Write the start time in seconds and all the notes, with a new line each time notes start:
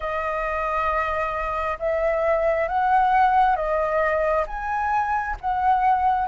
0.00 D#5
1.79 E5
2.67 F#5
3.55 D#5
4.46 G#5
5.41 F#5